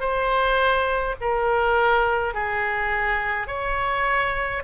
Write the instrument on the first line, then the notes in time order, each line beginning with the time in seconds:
oboe
0.00 C5
1.21 A#4
2.34 G#4
3.47 C#5